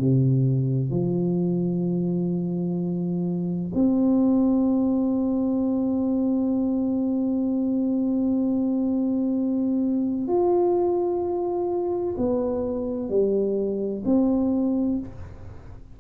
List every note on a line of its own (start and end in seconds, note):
0.00 0.91 C3
0.91 3.72 F3
3.75 10.28 C4
10.28 12.15 F4
12.18 13.10 B3
13.10 14.03 G3
14.05 14.99 C4